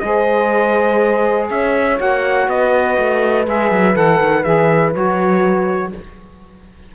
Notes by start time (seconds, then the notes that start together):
0.00 G#3 G#4 C5 D#5
1.51 C#4 C#5 E5
1.97 A#3 F#4 F#5
2.48 B3 B4 D#5
2.98 A3
3.46 G#3 G#4 E5
3.72 F#3
3.94 E3 A4 F#5
4.21 D#3
4.44 E3 G#4 E5
4.94 F#3 F#4 C#5